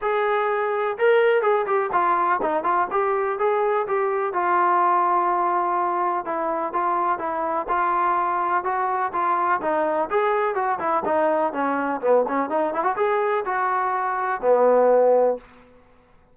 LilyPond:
\new Staff \with { instrumentName = "trombone" } { \time 4/4 \tempo 4 = 125 gis'2 ais'4 gis'8 g'8 | f'4 dis'8 f'8 g'4 gis'4 | g'4 f'2.~ | f'4 e'4 f'4 e'4 |
f'2 fis'4 f'4 | dis'4 gis'4 fis'8 e'8 dis'4 | cis'4 b8 cis'8 dis'8 e'16 fis'16 gis'4 | fis'2 b2 | }